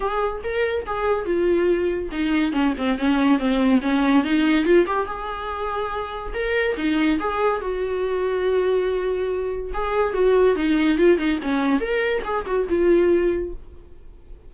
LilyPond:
\new Staff \with { instrumentName = "viola" } { \time 4/4 \tempo 4 = 142 gis'4 ais'4 gis'4 f'4~ | f'4 dis'4 cis'8 c'8 cis'4 | c'4 cis'4 dis'4 f'8 g'8 | gis'2. ais'4 |
dis'4 gis'4 fis'2~ | fis'2. gis'4 | fis'4 dis'4 f'8 dis'8 cis'4 | ais'4 gis'8 fis'8 f'2 | }